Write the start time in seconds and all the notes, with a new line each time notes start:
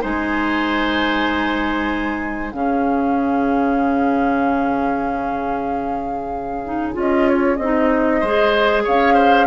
0.00 G#3 D#4 C5 G#5
2.51 C#3 C#4 G#4 F5
6.65 D#4
6.93 C#4 F4 D#5
7.28 C#5
7.56 C4 D#5
7.62 D#4
8.19 G#3 G#4 C5
8.84 C#4 C#5 F5
9.14 C5